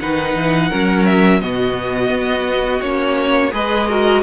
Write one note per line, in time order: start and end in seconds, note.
0.00 0.35 D#3
0.00 0.71 D#4
0.00 0.69 B4
0.00 1.06 F#5
0.35 0.70 E3
0.69 1.43 F#3
0.69 1.40 C#4
0.69 1.40 A#4
1.06 1.41 E5
1.40 2.10 B2
1.40 2.81 B3
1.40 3.53 F#4
1.40 2.82 D#5
2.10 2.80 B3
2.82 3.52 A#3
2.82 3.51 C#4
2.82 3.52 C#5
3.51 4.23 G#3
3.51 3.87 G#4
3.51 3.88 B4
3.51 4.23 D#5
3.88 4.23 F#4
3.88 4.23 A#4